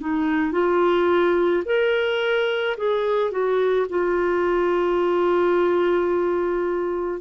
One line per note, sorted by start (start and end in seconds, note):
0.00 0.52 D#4
0.52 1.63 F4
1.65 2.76 A#4
2.77 3.31 G#4
3.31 3.86 F#4
3.89 7.20 F4